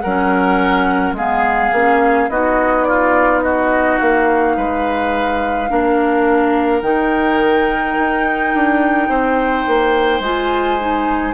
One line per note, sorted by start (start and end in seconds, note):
0.00 1.12 F#3
0.00 1.16 A#4
0.00 1.13 F#5
0.06 1.17 C#4
1.12 1.69 G#3
1.12 1.73 B3
1.12 2.30 G#4
1.12 2.30 F5
1.72 2.29 A#3
1.72 2.29 C#4
2.29 3.99 B3
2.29 5.69 D#4
2.29 2.87 F#4
2.29 2.84 D#5
2.84 3.43 F4
2.84 3.40 D5
3.42 4.56 F#4
3.42 3.99 D#5
3.99 4.57 A#3
3.99 6.82 F5
4.56 5.70 G#3
4.56 5.70 B4
5.69 6.82 A#3
5.69 6.82 D4
5.69 9.09 A#4
6.82 7.95 D#3
6.82 10.22 D#4
6.82 10.21 G5
7.98 8.54 D#4
8.54 9.08 D4
9.08 9.65 C4
9.08 11.33 C5
9.67 10.20 A#3
10.20 11.33 G#3
10.20 10.79 F4
10.20 11.33 G#5
10.79 11.33 D#4